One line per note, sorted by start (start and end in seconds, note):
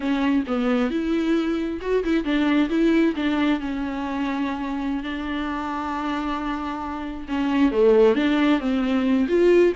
0.00 0.44 C#4
0.47 0.90 B3
0.90 1.80 E4
1.81 2.03 F#4
2.04 2.24 E4
2.24 2.69 D4
2.69 3.14 E4
3.16 3.59 D4
3.59 5.03 C#4
5.03 7.27 D4
7.28 7.71 C#4
7.71 8.15 A3
8.15 8.60 D4
8.60 9.27 C4
9.28 9.73 F4